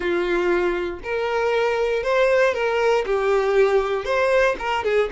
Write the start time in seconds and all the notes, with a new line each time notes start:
0.00 F4
1.03 A#4
2.03 C5
2.54 A#4
3.05 G4
4.04 C5
4.59 A#4
4.84 G#4